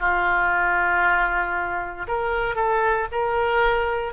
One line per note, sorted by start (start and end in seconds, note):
0.00 2.07 F4
2.07 2.55 A#4
2.55 3.07 A4
3.12 4.13 A#4